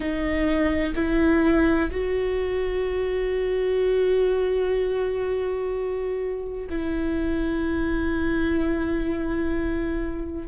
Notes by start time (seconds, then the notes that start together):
0.00 D#4
0.95 E4
1.91 F#4
6.69 E4